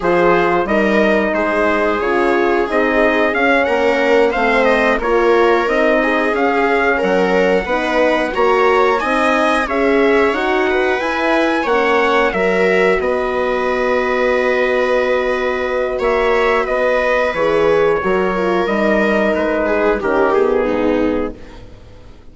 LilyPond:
<<
  \new Staff \with { instrumentName = "trumpet" } { \time 4/4 \tempo 4 = 90 c''4 dis''4 c''4 cis''4 | dis''4 f''8 fis''4 f''8 dis''8 cis''8~ | cis''8 dis''4 f''4 fis''4.~ | fis''8 ais''4 gis''4 e''4 fis''8~ |
fis''8 gis''4 fis''4 e''4 dis''8~ | dis''1 | e''4 dis''4 cis''2 | dis''4 b'4 ais'8 gis'4. | }
  \new Staff \with { instrumentName = "viola" } { \time 4/4 gis'4 ais'4 gis'2~ | gis'4. ais'4 c''4 ais'8~ | ais'4 gis'4. ais'4 b'8~ | b'8 cis''4 dis''4 cis''4. |
b'4. cis''4 ais'4 b'8~ | b'1 | cis''4 b'2 ais'4~ | ais'4. gis'8 g'4 dis'4 | }
  \new Staff \with { instrumentName = "horn" } { \time 4/4 f'4 dis'2 f'4 | dis'4 cis'4. c'4 f'8~ | f'8 dis'4 cis'2 dis'8~ | dis'8 fis'4 dis'4 gis'4 fis'8~ |
fis'8 e'4 cis'4 fis'4.~ | fis'1~ | fis'2 gis'4 fis'8 f'8 | dis'2 cis'8 b4. | }
  \new Staff \with { instrumentName = "bassoon" } { \time 4/4 f4 g4 gis4 cis4 | c'4 cis'8 ais4 a4 ais8~ | ais8 c'4 cis'4 fis4 b8~ | b8 ais4 c'4 cis'4 dis'8~ |
dis'8 e'4 ais4 fis4 b8~ | b1 | ais4 b4 e4 fis4 | g4 gis4 dis4 gis,4 | }
>>